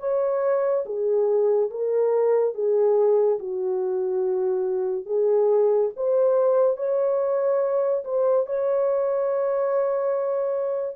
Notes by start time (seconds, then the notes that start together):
0.00 C#5
0.86 G#4
1.71 A#4
2.55 G#4
3.39 F#4
5.06 G#4
5.97 C5
6.77 C#5
8.05 C5
8.47 C#5